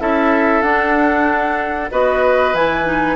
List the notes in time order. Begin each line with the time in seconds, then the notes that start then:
0.00 C#4 E4 A4 E5
0.62 D4 F#5
1.91 B3 F#4 B4 D#5
2.53 E3 E4 G#5
2.85 D#4